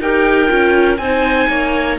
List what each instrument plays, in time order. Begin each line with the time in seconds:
0.00 cello D#4, viola G4, clarinet A#4, oboe G5
0.48 cello C#4, viola F4
0.97 cello C4, viola D#4, clarinet C5, oboe G#5
1.48 cello A#3, clarinet C#5